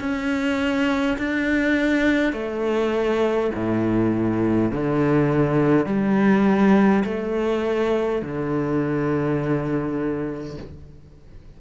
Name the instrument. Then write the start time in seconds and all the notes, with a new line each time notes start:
cello
0.00 C#4
1.18 D4
2.33 A3
3.55 A2
4.71 D3
5.86 G3
7.04 A3
8.22 D3